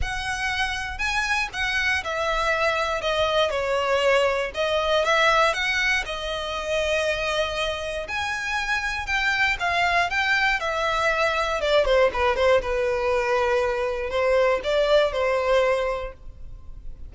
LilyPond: \new Staff \with { instrumentName = "violin" } { \time 4/4 \tempo 4 = 119 fis''2 gis''4 fis''4 | e''2 dis''4 cis''4~ | cis''4 dis''4 e''4 fis''4 | dis''1 |
gis''2 g''4 f''4 | g''4 e''2 d''8 c''8 | b'8 c''8 b'2. | c''4 d''4 c''2 | }